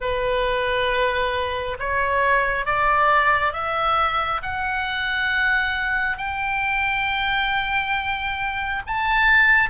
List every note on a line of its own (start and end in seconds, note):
0.00 1.77 B4
1.79 2.65 C#5
2.65 3.53 D5
3.53 4.41 E5
4.42 6.17 F#5
6.17 8.82 G5
8.86 9.69 A5